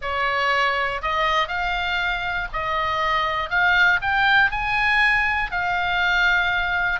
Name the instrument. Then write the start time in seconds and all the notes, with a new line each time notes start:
oboe
0.01 C#5
1.01 D#5
1.48 F5
2.52 D#5
3.50 F5
4.01 G5
4.51 G#5
5.51 F5